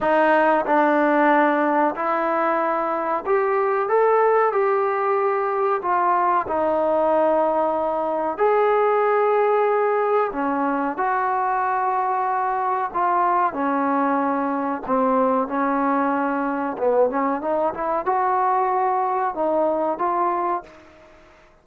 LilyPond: \new Staff \with { instrumentName = "trombone" } { \time 4/4 \tempo 4 = 93 dis'4 d'2 e'4~ | e'4 g'4 a'4 g'4~ | g'4 f'4 dis'2~ | dis'4 gis'2. |
cis'4 fis'2. | f'4 cis'2 c'4 | cis'2 b8 cis'8 dis'8 e'8 | fis'2 dis'4 f'4 | }